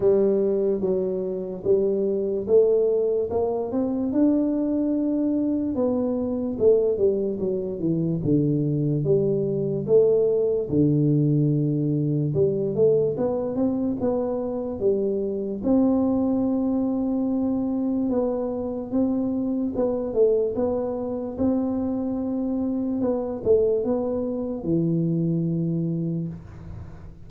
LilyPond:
\new Staff \with { instrumentName = "tuba" } { \time 4/4 \tempo 4 = 73 g4 fis4 g4 a4 | ais8 c'8 d'2 b4 | a8 g8 fis8 e8 d4 g4 | a4 d2 g8 a8 |
b8 c'8 b4 g4 c'4~ | c'2 b4 c'4 | b8 a8 b4 c'2 | b8 a8 b4 e2 | }